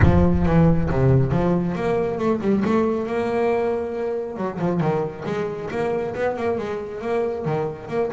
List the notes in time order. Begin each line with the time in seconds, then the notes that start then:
0.02 F3
0.46 E3
0.89 C3
1.31 F3
1.75 A#3
2.18 A3
2.41 G3
2.65 A3
3.07 A#3
4.37 F#3
4.59 F3
4.80 D#3
5.25 G#3
5.70 A#3
6.14 B3
6.36 A#3
6.58 G#3
7.01 A#3
7.45 D#3
7.88 A#3